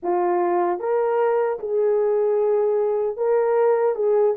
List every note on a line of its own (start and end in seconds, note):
0.02 0.79 F4
0.79 1.58 A#4
1.59 3.16 G#4
3.16 3.95 A#4
3.95 4.34 G#4